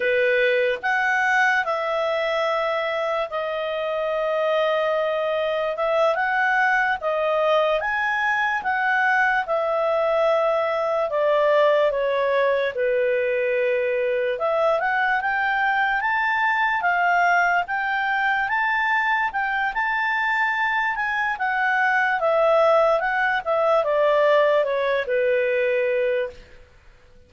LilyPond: \new Staff \with { instrumentName = "clarinet" } { \time 4/4 \tempo 4 = 73 b'4 fis''4 e''2 | dis''2. e''8 fis''8~ | fis''8 dis''4 gis''4 fis''4 e''8~ | e''4. d''4 cis''4 b'8~ |
b'4. e''8 fis''8 g''4 a''8~ | a''8 f''4 g''4 a''4 g''8 | a''4. gis''8 fis''4 e''4 | fis''8 e''8 d''4 cis''8 b'4. | }